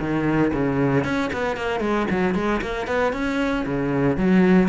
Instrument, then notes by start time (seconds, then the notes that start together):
cello
0.00 D#3
0.53 C#3
1.04 C#4
1.33 B3
1.57 A#3
1.80 G#3
2.10 F#3
2.35 G#3
2.61 A#3
2.87 B3
3.13 C#4
3.66 C#3
4.17 F#3